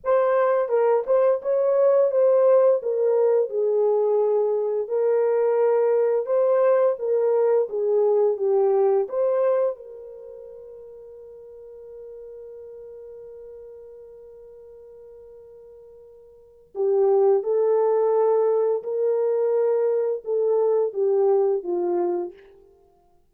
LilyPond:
\new Staff \with { instrumentName = "horn" } { \time 4/4 \tempo 4 = 86 c''4 ais'8 c''8 cis''4 c''4 | ais'4 gis'2 ais'4~ | ais'4 c''4 ais'4 gis'4 | g'4 c''4 ais'2~ |
ais'1~ | ais'1 | g'4 a'2 ais'4~ | ais'4 a'4 g'4 f'4 | }